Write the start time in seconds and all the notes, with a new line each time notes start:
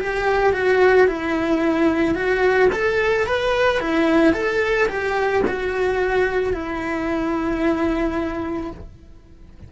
0.00 G4
0.53 F#4
1.08 E4
2.15 F#4
2.72 A4
3.26 B4
3.80 E4
4.33 A4
4.88 G4
5.47 F#4
6.53 E4